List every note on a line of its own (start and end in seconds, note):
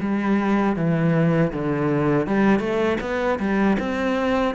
0.00 0.76 G3
0.76 1.52 E3
1.52 2.26 D3
2.26 2.59 G3
2.59 2.97 A3
3.00 3.38 B3
3.39 3.77 G3
3.79 4.54 C4